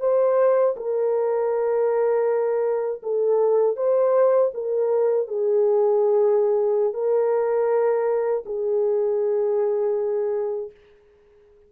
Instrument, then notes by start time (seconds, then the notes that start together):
horn
0.00 C5
0.77 A#4
3.03 A4
3.77 C5
4.54 A#4
5.28 G#4
6.94 A#4
8.46 G#4